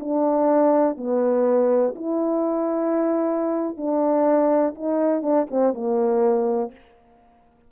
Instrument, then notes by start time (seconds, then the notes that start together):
horn
0.00 D4
0.97 B3
1.96 E4
3.77 D4
4.76 D#4
5.23 D4
5.51 C4
5.74 A#3